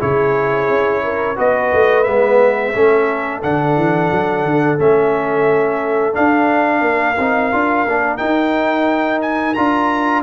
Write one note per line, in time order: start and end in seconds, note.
0.00 0.69 C#3
0.00 1.36 E4
0.00 1.02 G#4
0.00 1.38 C#5
0.69 1.38 C#4
1.04 1.36 A#4
1.36 1.73 B3
1.36 2.04 F#4
1.36 2.72 B4
1.36 2.04 D#5
1.73 2.07 A3
2.04 2.75 G#3
2.04 2.73 B3
2.04 3.40 E5
2.74 3.43 A3
2.74 3.42 C#4
2.74 6.84 A4
3.43 3.77 D3
3.43 4.79 D4
3.43 4.79 F#5
3.77 4.11 E3
4.12 4.44 F#3
4.44 4.79 D3
4.79 6.16 A3
4.79 6.13 C#4
4.79 6.15 E5
6.13 7.16 D4
6.13 6.82 D4
6.13 8.18 F5
6.82 7.16 A#3
6.82 10.23 A#4
7.19 7.53 C4
7.19 7.53 D#4
7.53 7.86 D4
7.53 7.87 F4
7.86 8.20 A#3
7.86 8.19 D4
8.18 9.55 D#4
8.18 9.57 D#4
8.18 9.20 G5
9.22 9.54 G#5
9.54 10.23 D4
9.54 10.23 F4
9.54 10.22 A#5